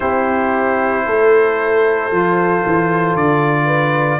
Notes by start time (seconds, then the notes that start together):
0.00 C4 E4 G4 C5
1.06 A3 A4
2.11 F3 F4
2.66 E3
3.14 D3 D5
3.65 B4